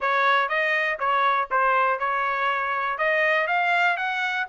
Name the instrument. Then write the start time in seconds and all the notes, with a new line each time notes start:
trumpet
0.00 C#5
0.48 D#5
0.99 C#5
1.50 C5
1.99 C#5
2.98 D#5
3.47 F5
3.96 F#5